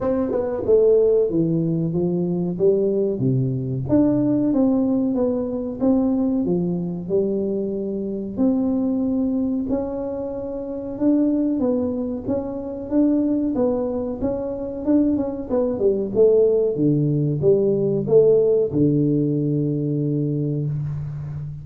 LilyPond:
\new Staff \with { instrumentName = "tuba" } { \time 4/4 \tempo 4 = 93 c'8 b8 a4 e4 f4 | g4 c4 d'4 c'4 | b4 c'4 f4 g4~ | g4 c'2 cis'4~ |
cis'4 d'4 b4 cis'4 | d'4 b4 cis'4 d'8 cis'8 | b8 g8 a4 d4 g4 | a4 d2. | }